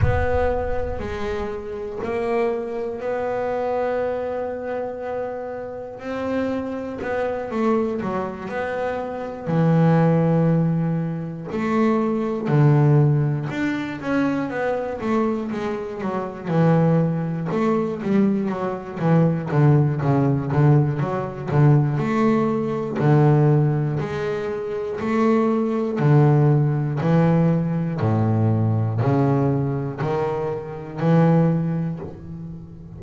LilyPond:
\new Staff \with { instrumentName = "double bass" } { \time 4/4 \tempo 4 = 60 b4 gis4 ais4 b4~ | b2 c'4 b8 a8 | fis8 b4 e2 a8~ | a8 d4 d'8 cis'8 b8 a8 gis8 |
fis8 e4 a8 g8 fis8 e8 d8 | cis8 d8 fis8 d8 a4 d4 | gis4 a4 d4 e4 | a,4 cis4 dis4 e4 | }